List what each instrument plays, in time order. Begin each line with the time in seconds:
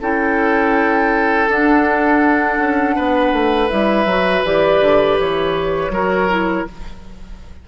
0.00 bassoon C#4, clarinet E4, oboe A4, flute G5
1.48 bassoon D4, clarinet D4, flute F#5
2.58 bassoon C#4
2.95 bassoon B3, oboe B4
3.32 bassoon A3
3.69 bassoon G3, clarinet E4, flute E5
4.05 bassoon F#3, clarinet F#4
4.44 bassoon E3, clarinet G4, flute D5
4.80 bassoon D3
5.19 bassoon E3, flute C#5
5.89 bassoon F#3, clarinet F#4, oboe A#4
6.29 clarinet E4